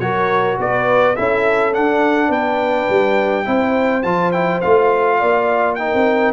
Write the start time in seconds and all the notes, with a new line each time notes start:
0.00 F#3 F#4 A#4 C#5
0.59 B3 B4 D5
1.16 C#4 E4 A4 E5
1.74 D4 F#5
2.29 B3 B4 G5
2.90 G3
3.45 C4 E4 C5
4.03 F3 F4 A5
4.32 E4 G5
4.61 A3 F4 F5
5.19 A#3 D5
5.75 D#4 A#4 G5
5.94 C4